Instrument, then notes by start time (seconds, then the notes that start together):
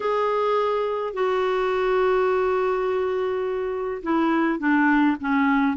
clarinet
0.00 G#4
1.13 F#4
4.03 E4
4.59 D4
5.20 C#4